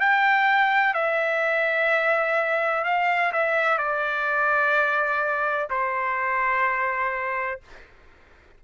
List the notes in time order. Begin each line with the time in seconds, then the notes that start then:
0.00 G5
0.94 E5
2.84 F5
3.32 E5
3.78 D5
5.70 C5